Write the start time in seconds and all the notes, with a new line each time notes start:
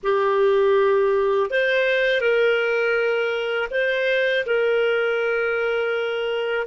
0.03 G4
1.50 C5
2.20 A#4
3.70 C5
4.46 A#4